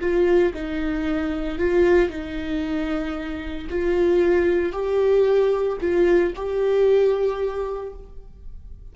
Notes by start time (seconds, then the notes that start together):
0.00 F4
0.54 D#4
1.58 F4
2.09 D#4
3.69 F4
4.72 G4
5.81 F4
6.35 G4